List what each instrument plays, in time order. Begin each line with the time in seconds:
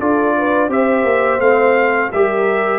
0.00 tuba D4, trombone F4, horn A4, trumpet D5
0.38 horn B4
0.68 tuba C4, trombone G4, horn C5, trumpet E5
1.04 tuba A#3
1.40 tuba A3, trombone C4, trumpet F5
2.12 tuba G3, trombone G4, horn A#4, trumpet E5